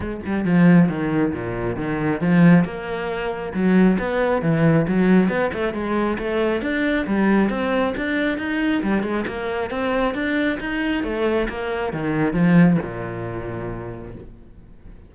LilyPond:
\new Staff \with { instrumentName = "cello" } { \time 4/4 \tempo 4 = 136 gis8 g8 f4 dis4 ais,4 | dis4 f4 ais2 | fis4 b4 e4 fis4 | b8 a8 gis4 a4 d'4 |
g4 c'4 d'4 dis'4 | g8 gis8 ais4 c'4 d'4 | dis'4 a4 ais4 dis4 | f4 ais,2. | }